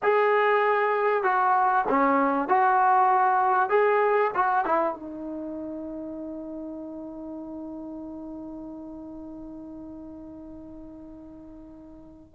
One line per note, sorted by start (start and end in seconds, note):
0.02 1.23 G#4
1.23 1.84 F#4
1.88 2.48 C#4
2.48 3.69 F#4
3.69 4.31 G#4
4.34 4.65 F#4
4.65 4.94 E4
4.94 12.35 D#4